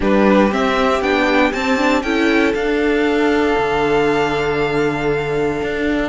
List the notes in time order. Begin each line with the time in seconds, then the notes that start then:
0.00 G3 D4 G4 B4
0.50 C4 E5
1.01 B3 D4 G5
1.52 C4 A5
1.77 D4
2.02 C#4 E4 A4 G5
2.54 D4 F5
3.58 D3
5.62 D4